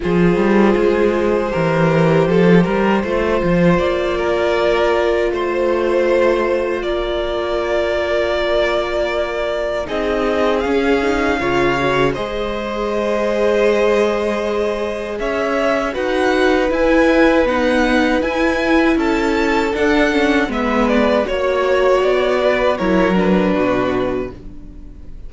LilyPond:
<<
  \new Staff \with { instrumentName = "violin" } { \time 4/4 \tempo 4 = 79 c''1~ | c''4 d''2 c''4~ | c''4 d''2.~ | d''4 dis''4 f''2 |
dis''1 | e''4 fis''4 gis''4 fis''4 | gis''4 a''4 fis''4 e''8 d''8 | cis''4 d''4 cis''8 b'4. | }
  \new Staff \with { instrumentName = "violin" } { \time 4/4 gis'2 ais'4 a'8 ais'8 | c''4. ais'4. c''4~ | c''4 ais'2.~ | ais'4 gis'2 cis''4 |
c''1 | cis''4 b'2.~ | b'4 a'2 b'4 | cis''4. b'8 ais'4 fis'4 | }
  \new Staff \with { instrumentName = "viola" } { \time 4/4 f'2 g'2 | f'1~ | f'1~ | f'4 dis'4 cis'8 dis'8 f'8 fis'8 |
gis'1~ | gis'4 fis'4 e'4 b4 | e'2 d'8 cis'8 b4 | fis'2 e'8 d'4. | }
  \new Staff \with { instrumentName = "cello" } { \time 4/4 f8 g8 gis4 e4 f8 g8 | a8 f8 ais2 a4~ | a4 ais2.~ | ais4 c'4 cis'4 cis4 |
gis1 | cis'4 dis'4 e'4 dis'4 | e'4 cis'4 d'4 gis4 | ais4 b4 fis4 b,4 | }
>>